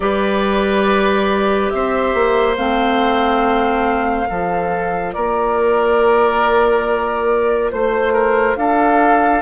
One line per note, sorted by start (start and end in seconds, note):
0.00 1.70 G3
0.00 2.56 G4
0.00 1.72 B4
0.00 1.69 D5
1.69 2.14 C4
1.69 4.28 C5
1.69 2.55 E5
2.14 2.57 A#3
2.56 4.29 A3
2.56 4.26 C4
2.56 5.12 F5
4.26 5.15 F3
4.26 9.40 F4
4.26 5.14 A4
5.12 7.72 A#3
5.12 7.71 A#4
5.12 7.70 D5
7.71 8.56 A3
7.71 8.56 C5
7.71 8.13 C5
8.13 8.56 A#4
8.56 9.41 D4
8.56 9.41 A4
8.56 9.41 F5